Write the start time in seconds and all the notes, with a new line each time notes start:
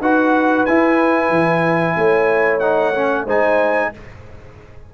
0.00 D#4 F#4 B4 F#5
0.65 E4 G#5
1.29 E3
1.97 A3 C#5
2.59 D#4 F#5
2.94 C#4
3.25 G#3 D#4 C5 G#5